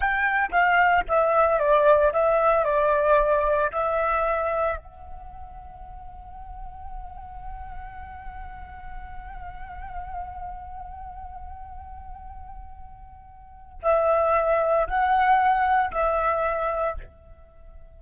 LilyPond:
\new Staff \with { instrumentName = "flute" } { \time 4/4 \tempo 4 = 113 g''4 f''4 e''4 d''4 | e''4 d''2 e''4~ | e''4 fis''2.~ | fis''1~ |
fis''1~ | fis''1~ | fis''2 e''2 | fis''2 e''2 | }